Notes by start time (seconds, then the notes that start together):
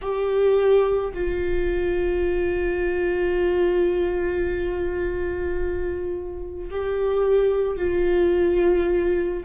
0.02 G4
1.14 F4
6.70 G4
7.76 F4